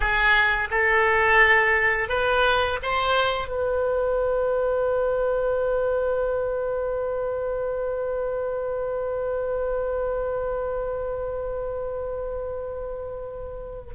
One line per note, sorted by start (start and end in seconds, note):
0.00 0.68 G#4
0.70 2.09 A4
2.09 2.78 B4
2.82 3.48 C5
3.48 13.94 B4